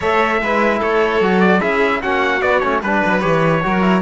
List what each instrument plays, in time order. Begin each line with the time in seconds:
0.00 cello A3, trombone A4, violin C#5, trumpet E5
0.41 cello G#3, trombone E4, violin B4
0.79 cello A3, violin A4, trumpet C#5
1.20 cello F#3, trombone F#4
1.40 trumpet D5
1.59 cello C#4, trombone E4, violin G#4, trumpet E5
2.01 cello A#3, trombone C#4, violin F#4, trumpet F#5
2.40 trombone B3, cello B3, trumpet D5
2.59 cello A3, trombone C#4, trumpet C#5
2.81 cello G3, trombone D4, violin B4, trumpet B4
3.05 cello F#3
3.20 cello E3, trombone G4, trumpet C#5
3.62 cello F#3, trombone F#4, violin A#4
3.81 trombone E4